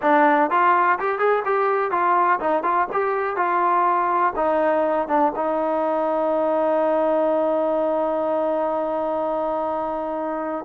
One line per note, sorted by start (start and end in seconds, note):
0.02 0.50 D4
0.50 0.98 F4
0.99 1.19 G4
1.19 1.43 G#4
1.45 1.91 G4
1.91 2.39 F4
2.40 2.63 D#4
2.63 2.87 F4
2.92 3.36 G4
3.36 4.33 F4
4.35 5.08 D#4
5.08 5.32 D4
5.35 10.65 D#4